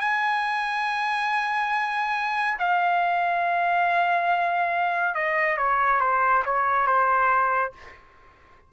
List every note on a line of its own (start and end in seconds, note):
0.00 2.57 G#5
2.59 5.15 F5
5.15 5.57 D#5
5.57 6.00 C#5
6.00 6.43 C5
6.45 6.86 C#5
6.86 7.72 C5